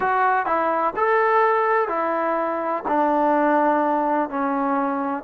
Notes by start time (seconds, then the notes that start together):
0.00 F#4
0.46 E4
0.96 A4
1.88 E4
2.87 D4
4.29 C#4